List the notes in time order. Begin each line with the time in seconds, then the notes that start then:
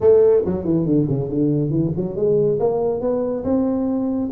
0.00 A3
0.45 F#3
0.64 E3
0.85 D3
1.08 C#3
1.29 D3
1.70 E3
1.96 F#3
2.15 G#3
2.59 A#3
3.00 B3
3.43 C4